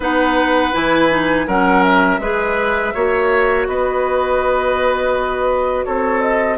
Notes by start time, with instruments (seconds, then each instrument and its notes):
0.00 bassoon B3, clarinet D#4, oboe B4, flute F#5
0.72 bassoon E3, clarinet E4, flute G#5
1.10 clarinet D#4
1.47 bassoon F#3, clarinet C#4, oboe A#4, flute F#5
1.83 flute E5
2.19 bassoon G#3, clarinet G#4, oboe B4
2.94 bassoon A#3, clarinet F#4, oboe C#5
3.67 bassoon B3, oboe B4, flute D#5
5.85 bassoon C4, oboe A4, flute C#5
6.21 flute D#5